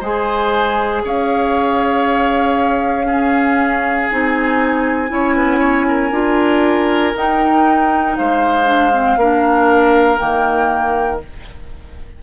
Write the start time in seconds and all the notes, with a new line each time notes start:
0.00 G#3 G#4 C5 G#5
1.04 C#4 C#5 F5
3.05 C#4 G#4
4.10 C4 D#4 G#5
5.08 C#4 E4 C#5
5.35 B3
5.59 C#5
5.88 A#4
6.11 D4 F4
7.15 D#4 G5
8.15 G#3 C5 F5
8.66 D4
8.92 C4
9.16 A#3 D4 A#4
10.17 D#3 A#3 G5